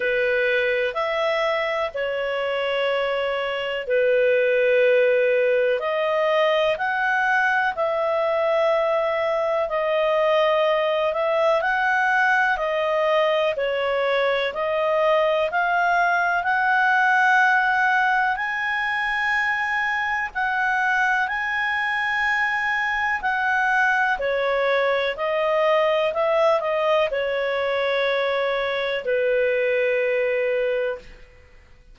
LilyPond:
\new Staff \with { instrumentName = "clarinet" } { \time 4/4 \tempo 4 = 62 b'4 e''4 cis''2 | b'2 dis''4 fis''4 | e''2 dis''4. e''8 | fis''4 dis''4 cis''4 dis''4 |
f''4 fis''2 gis''4~ | gis''4 fis''4 gis''2 | fis''4 cis''4 dis''4 e''8 dis''8 | cis''2 b'2 | }